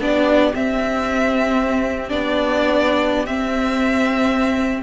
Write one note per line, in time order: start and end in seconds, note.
0.00 0.53 B3
0.00 0.52 D4
0.00 4.83 G4
0.00 0.55 D5
0.54 2.09 C4
0.54 2.12 C4
0.54 2.10 E5
2.09 3.27 B3
2.09 3.26 D4
2.09 3.26 D5
3.26 4.83 C4
3.26 4.82 E5